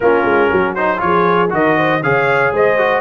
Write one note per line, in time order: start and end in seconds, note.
0.00 0.24 A#3
0.00 0.77 C#4
0.00 0.49 F4
0.00 0.74 A#4
0.24 0.49 G#3
0.49 1.02 F#3
0.49 1.00 F#4
0.74 0.97 D#4
0.74 0.99 C5
0.97 1.52 F3
0.97 1.48 F4
0.97 1.50 C#5
1.05 1.54 G#4
1.50 2.02 D#3
1.50 2.00 F#4
1.50 1.77 A#4
1.50 2.02 D#5
1.77 2.02 C5
2.02 2.52 C#3
2.02 2.78 G#4
2.02 2.52 C#5
2.02 2.53 F5
2.52 3.00 G#3
2.52 3.00 C5
2.52 3.00 D#5
2.78 3.00 F#4